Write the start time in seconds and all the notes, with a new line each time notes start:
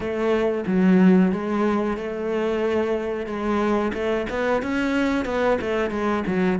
0.00 A3
0.67 F#3
1.32 G#3
1.97 A3
3.26 G#3
3.93 A3
4.29 B3
4.62 C#4
5.25 B3
5.61 A3
5.90 G#3
6.26 F#3